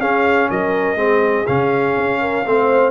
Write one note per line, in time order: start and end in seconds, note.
0.00 0.49 C#4
0.00 0.97 C#4
0.00 0.49 G#4
0.00 0.49 F5
0.50 0.95 F#3
0.50 0.99 A#4
0.50 1.46 D#5
0.95 1.44 G#3
0.95 1.45 C4
1.03 2.21 G#4
1.46 1.97 C#3
1.46 2.45 C#4
1.46 2.91 F5
1.97 2.46 C#4
2.21 2.45 A#4
2.46 2.91 A3
2.46 2.91 C4
2.46 2.91 C5